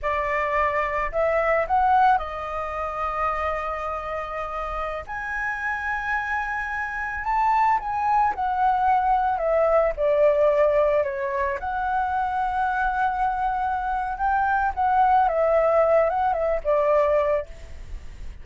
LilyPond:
\new Staff \with { instrumentName = "flute" } { \time 4/4 \tempo 4 = 110 d''2 e''4 fis''4 | dis''1~ | dis''4~ dis''16 gis''2~ gis''8.~ | gis''4~ gis''16 a''4 gis''4 fis''8.~ |
fis''4~ fis''16 e''4 d''4.~ d''16~ | d''16 cis''4 fis''2~ fis''8.~ | fis''2 g''4 fis''4 | e''4. fis''8 e''8 d''4. | }